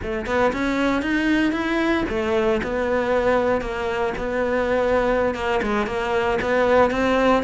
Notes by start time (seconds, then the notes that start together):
0.02 A3
0.25 B3
0.52 C#4
1.02 D#4
1.52 E4
2.09 A3
2.63 B3
3.61 A#3
4.17 B3
5.34 A#3
5.62 G#3
5.86 A#3
6.41 B3
6.90 C4